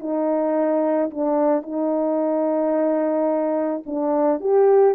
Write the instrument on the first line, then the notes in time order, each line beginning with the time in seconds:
horn
0.00 D#4
1.10 D4
1.63 D#4
3.86 D4
4.40 G4